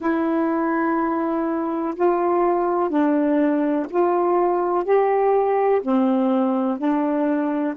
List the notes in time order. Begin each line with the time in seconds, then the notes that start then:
0.00 E4
1.95 F4
2.89 D4
3.89 F4
4.84 G4
5.82 C4
6.77 D4